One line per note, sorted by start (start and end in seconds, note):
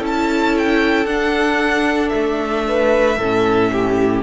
0.00 1.06 C#4
0.00 1.06 E4
0.00 2.63 A4
0.07 0.58 A5
0.58 1.06 G5
1.06 2.11 D4
1.06 3.18 D4
1.06 2.09 F#5
2.09 3.17 A3
2.09 4.20 E5
2.68 3.18 B4
3.17 4.23 A2
3.17 4.23 C#4
3.17 3.71 A4
3.73 4.23 G4